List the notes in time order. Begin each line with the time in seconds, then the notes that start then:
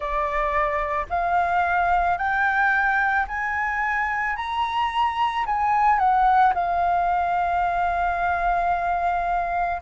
0.00 D5
1.09 F5
2.17 G5
3.27 G#5
4.36 A#5
5.45 G#5
5.99 F#5
6.54 F5